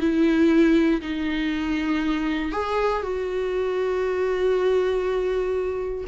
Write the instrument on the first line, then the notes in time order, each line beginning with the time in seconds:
viola
0.00 E4
1.01 D#4
2.52 G#4
3.02 F#4